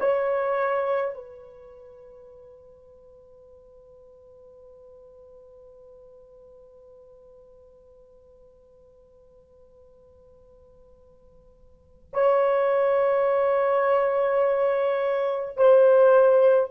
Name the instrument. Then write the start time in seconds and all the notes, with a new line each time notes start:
horn
0.00 C#5
1.14 B4
12.13 C#5
15.57 C5